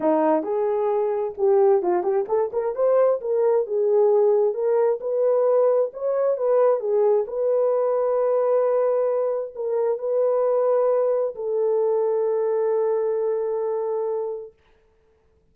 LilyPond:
\new Staff \with { instrumentName = "horn" } { \time 4/4 \tempo 4 = 132 dis'4 gis'2 g'4 | f'8 g'8 a'8 ais'8 c''4 ais'4 | gis'2 ais'4 b'4~ | b'4 cis''4 b'4 gis'4 |
b'1~ | b'4 ais'4 b'2~ | b'4 a'2.~ | a'1 | }